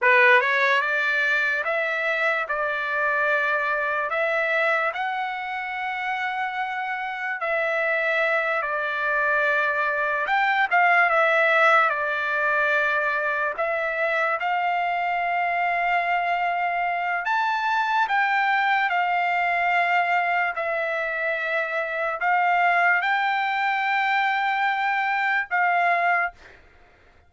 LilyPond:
\new Staff \with { instrumentName = "trumpet" } { \time 4/4 \tempo 4 = 73 b'8 cis''8 d''4 e''4 d''4~ | d''4 e''4 fis''2~ | fis''4 e''4. d''4.~ | d''8 g''8 f''8 e''4 d''4.~ |
d''8 e''4 f''2~ f''8~ | f''4 a''4 g''4 f''4~ | f''4 e''2 f''4 | g''2. f''4 | }